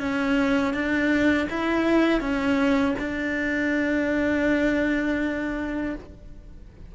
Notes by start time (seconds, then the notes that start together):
0.00 C#4
0.74 D4
1.50 E4
2.21 C#4
2.99 D4